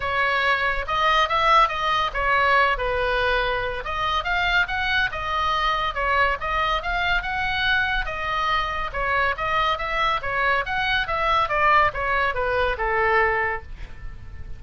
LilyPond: \new Staff \with { instrumentName = "oboe" } { \time 4/4 \tempo 4 = 141 cis''2 dis''4 e''4 | dis''4 cis''4. b'4.~ | b'4 dis''4 f''4 fis''4 | dis''2 cis''4 dis''4 |
f''4 fis''2 dis''4~ | dis''4 cis''4 dis''4 e''4 | cis''4 fis''4 e''4 d''4 | cis''4 b'4 a'2 | }